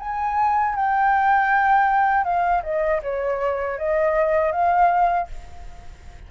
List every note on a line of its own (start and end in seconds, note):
0.00 0.76 G#5
0.76 2.25 G5
2.25 2.63 F5
2.63 3.01 D#5
3.03 3.78 C#5
3.78 4.52 D#5
4.52 5.28 F5